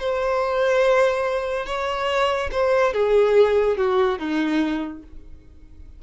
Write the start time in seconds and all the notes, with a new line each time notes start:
0.00 C5
1.66 C#5
2.52 C5
2.94 G#4
3.77 F#4
4.19 D#4